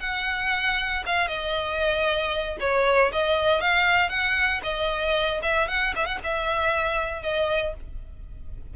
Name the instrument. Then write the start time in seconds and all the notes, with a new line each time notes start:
violin
0.00 F#5
1.06 F5
1.27 D#5
2.60 C#5
3.12 D#5
3.61 F5
4.09 F#5
4.63 D#5
5.42 E5
5.68 F#5
5.95 E5
6.05 F#5
6.23 E5
7.22 D#5